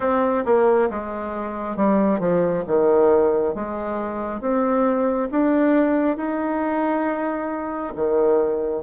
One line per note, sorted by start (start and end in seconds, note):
0.00 0.44 C4
0.45 0.89 A#3
0.89 1.76 G#3
1.76 2.19 G3
2.19 2.63 F3
2.67 3.54 D#3
3.54 4.40 G#3
4.40 5.29 C4
5.31 6.16 D4
6.16 7.93 D#4
7.95 8.82 D#3